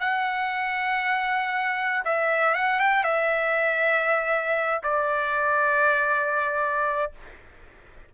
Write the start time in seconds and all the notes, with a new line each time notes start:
0.00 F#5
2.05 E5
2.55 F#5
2.80 G5
3.04 E5
4.84 D5